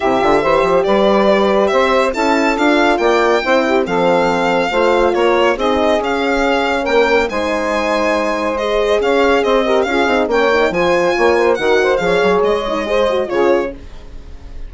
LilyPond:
<<
  \new Staff \with { instrumentName = "violin" } { \time 4/4 \tempo 4 = 140 e''2 d''2 | e''4 a''4 f''4 g''4~ | g''4 f''2. | cis''4 dis''4 f''2 |
g''4 gis''2. | dis''4 f''4 dis''4 f''4 | g''4 gis''2 fis''4 | f''4 dis''2 cis''4 | }
  \new Staff \with { instrumentName = "saxophone" } { \time 4/4 g'4 c''4 b'2 | c''4 a'2 d''4 | c''8 g'8 a'2 c''4 | ais'4 gis'2. |
ais'4 c''2.~ | c''4 cis''4 c''8 ais'8 gis'4 | cis''4 c''4 cis''8 c''8 ais'8 c''8 | cis''2 c''4 gis'4 | }
  \new Staff \with { instrumentName = "horn" } { \time 4/4 e'8 f'8 g'2.~ | g'4 e'4 f'2 | e'4 c'2 f'4~ | f'4 dis'4 cis'2~ |
cis'4 dis'2. | gis'2~ gis'8 g'8 f'8 dis'8 | cis'8 dis'8 f'2 fis'4 | gis'4. dis'8 gis'8 fis'8 f'4 | }
  \new Staff \with { instrumentName = "bassoon" } { \time 4/4 c8 d8 e8 f8 g2 | c'4 cis'4 d'4 ais4 | c'4 f2 a4 | ais4 c'4 cis'2 |
ais4 gis2.~ | gis4 cis'4 c'4 cis'8 c'8 | ais4 f4 ais4 dis4 | f8 fis8 gis2 cis4 | }
>>